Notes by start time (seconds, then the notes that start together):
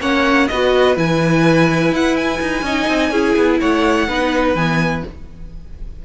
0.00 A#3 C#4 C#5 F#5
0.48 B3 F#4 B4 D#5
0.96 E3 E4 G#5
1.92 E4 F#5
2.16 G#5
2.41 D#4
2.62 C#4 D#4 D#5
2.88 C4
3.11 C#4 E4 G#4
3.36 B3
3.60 A3 C#5 F#5
4.08 B3 D#4 B4
4.54 E3 B3 G#5